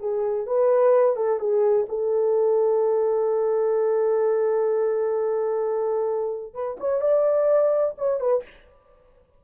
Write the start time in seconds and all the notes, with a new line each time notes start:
0.00 G#4
0.47 B4
1.17 A4
1.40 G#4
1.89 A4
6.54 B4
6.80 C#5
7.01 D5
7.98 C#5
8.21 B4